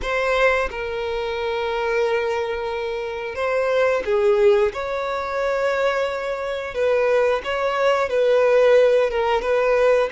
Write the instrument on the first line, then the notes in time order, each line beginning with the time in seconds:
violin
0.02 C5
0.70 A#4
3.35 C5
4.05 G#4
4.73 C#5
6.74 B4
7.44 C#5
8.09 B4
9.10 A#4
9.41 B4